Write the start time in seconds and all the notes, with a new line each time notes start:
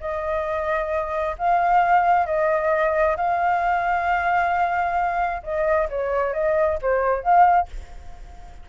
0.00 D#5
1.38 F5
2.26 D#5
3.16 F5
5.43 D#5
5.89 C#5
6.33 D#5
6.81 C5
7.23 F5